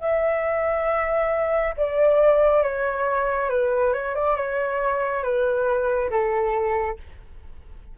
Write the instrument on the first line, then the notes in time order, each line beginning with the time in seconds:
flute
0.00 E5
1.77 D5
2.62 C#5
3.49 B4
3.93 C#5
4.15 D5
4.36 C#5
5.23 B4
6.10 A4